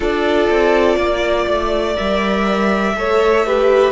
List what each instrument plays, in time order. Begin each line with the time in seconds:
0.00 cello D4, viola F4, violin A4 D5
0.50 cello C4
0.96 cello A#3, violin D5
1.47 cello A3
1.94 cello G3, viola A#4, violin E5
2.94 cello A3, viola A4, violin C#5
3.45 viola G4, violin B4